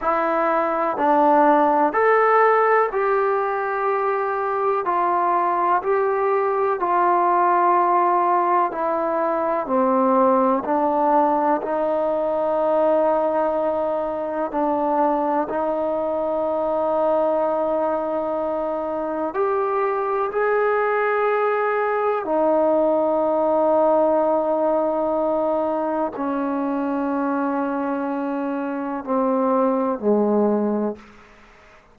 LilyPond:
\new Staff \with { instrumentName = "trombone" } { \time 4/4 \tempo 4 = 62 e'4 d'4 a'4 g'4~ | g'4 f'4 g'4 f'4~ | f'4 e'4 c'4 d'4 | dis'2. d'4 |
dis'1 | g'4 gis'2 dis'4~ | dis'2. cis'4~ | cis'2 c'4 gis4 | }